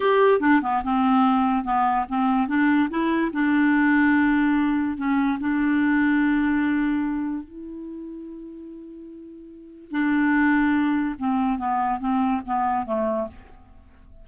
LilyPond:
\new Staff \with { instrumentName = "clarinet" } { \time 4/4 \tempo 4 = 145 g'4 d'8 b8 c'2 | b4 c'4 d'4 e'4 | d'1 | cis'4 d'2.~ |
d'2 e'2~ | e'1 | d'2. c'4 | b4 c'4 b4 a4 | }